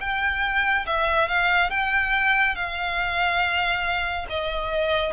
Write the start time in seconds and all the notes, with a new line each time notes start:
0.00 G5
0.86 E5
1.28 F5
1.70 G5
2.55 F5
4.29 D#5